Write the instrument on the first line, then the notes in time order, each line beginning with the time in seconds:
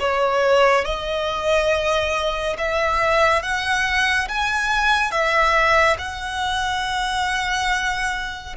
violin
0.00 C#5
0.85 D#5
2.59 E5
3.43 F#5
4.29 G#5
5.12 E5
5.99 F#5